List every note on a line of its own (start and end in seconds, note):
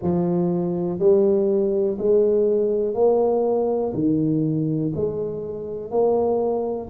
0.02 0.99 F3
0.99 1.97 G3
1.98 2.94 G#3
2.94 3.92 A#3
3.93 4.92 D#3
4.94 5.91 G#3
5.91 6.89 A#3